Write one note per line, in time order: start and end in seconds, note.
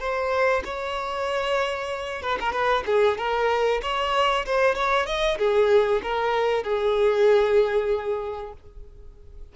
0.00 0.63 C5
0.65 2.22 C#5
2.22 2.38 B4
2.40 2.52 A#4
2.52 2.84 B4
2.86 3.18 G#4
3.18 3.81 A#4
3.82 4.45 C#5
4.46 4.75 C5
4.75 5.06 C#5
5.06 5.37 D#5
5.38 6.01 G#4
6.02 6.63 A#4
6.63 8.53 G#4